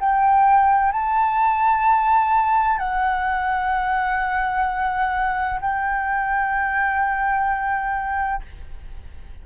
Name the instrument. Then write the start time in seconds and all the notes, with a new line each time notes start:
flute
0.00 G5
0.92 A5
2.79 F#5
5.61 G5